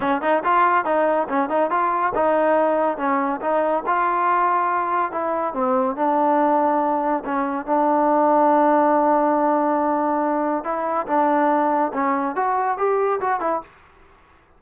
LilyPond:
\new Staff \with { instrumentName = "trombone" } { \time 4/4 \tempo 4 = 141 cis'8 dis'8 f'4 dis'4 cis'8 dis'8 | f'4 dis'2 cis'4 | dis'4 f'2. | e'4 c'4 d'2~ |
d'4 cis'4 d'2~ | d'1~ | d'4 e'4 d'2 | cis'4 fis'4 g'4 fis'8 e'8 | }